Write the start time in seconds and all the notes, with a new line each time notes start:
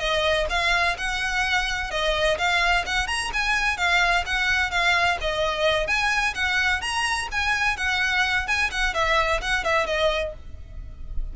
0.00 D#5
0.50 F5
0.98 F#5
1.91 D#5
2.38 F5
2.87 F#5
3.08 A#5
3.34 G#5
3.78 F5
4.27 F#5
4.71 F5
5.21 D#5
5.87 G#5
6.35 F#5
6.82 A#5
7.32 G#5
7.77 F#5
8.48 G#5
8.71 F#5
8.94 E5
9.42 F#5
9.65 E5
9.87 D#5